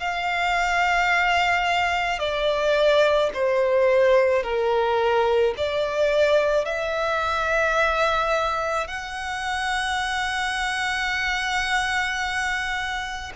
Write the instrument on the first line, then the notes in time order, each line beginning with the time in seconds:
violin
0.00 F5
2.19 D5
3.34 C5
4.43 A#4
5.58 D5
6.66 E5
8.88 F#5